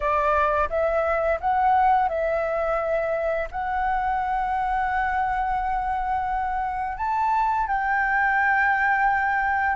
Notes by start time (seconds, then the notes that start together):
0.00 D5
0.69 E5
1.40 F#5
2.08 E5
3.51 F#5
6.97 A5
7.67 G5